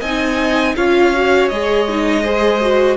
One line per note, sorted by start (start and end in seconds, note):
0.00 0.75 C4
0.00 0.76 D#4
0.00 0.74 D#5
0.00 0.75 G#5
0.76 1.51 C#4
0.76 1.13 F4
0.76 2.23 C#5
0.76 1.48 F5
1.14 1.51 F#4
1.48 2.97 G#3
1.48 1.89 G#4
1.48 2.97 D#5
1.89 2.24 D#4
2.23 2.61 G#4
2.23 2.97 C5
2.61 2.97 F#4